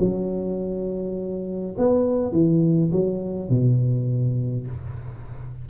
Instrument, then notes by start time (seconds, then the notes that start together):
tuba
0.00 F#3
1.78 B3
2.32 E3
2.92 F#3
3.50 B2